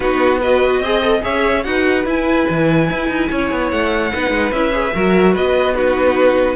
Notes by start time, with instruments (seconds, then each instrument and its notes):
0.00 cello B3, viola D#4, violin F#4 B4
0.40 viola F#4, violin B4 D#5
0.79 cello C4, viola G#4, violin D#5
1.02 viola A4
1.20 cello C#4, viola G#4, violin C#5 E5
1.63 cello D#4, viola F#4, violin B4 F#5
2.05 cello E4, viola E4, violin G#5
2.49 cello E3
2.90 cello E4
3.08 cello D#4
3.30 cello C#4, violin C#5
3.51 cello B3
3.70 cello A3, violin F#5
4.11 cello B3, viola D#4, violin B4
4.30 cello G#3
4.52 cello C#4, viola E4, violin E5
4.72 viola G#4
4.94 cello F#3, viola F#4, violin A#4
5.32 cello B3, violin B4 D#5
5.74 viola D#4, violin F#4 B4